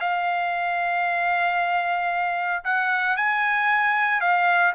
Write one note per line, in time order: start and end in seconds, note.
0.00 2.63 F5
2.64 3.17 F#5
3.17 4.21 G#5
4.21 4.73 F5